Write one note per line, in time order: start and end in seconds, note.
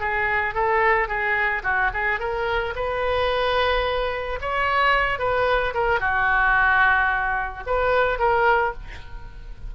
0.00 0.55 G#4
0.55 1.08 A4
1.08 1.63 G#4
1.64 1.91 F#4
1.94 2.19 G#4
2.19 2.74 A#4
2.75 4.39 B4
4.41 5.19 C#5
5.19 5.74 B4
5.74 6.00 A#4
6.00 7.64 F#4
7.67 8.19 B4
8.19 8.73 A#4